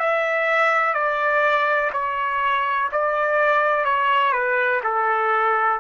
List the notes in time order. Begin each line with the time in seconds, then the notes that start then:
0.00 E5
0.94 D5
1.93 C#5
2.92 D5
3.85 C#5
4.32 B4
4.84 A4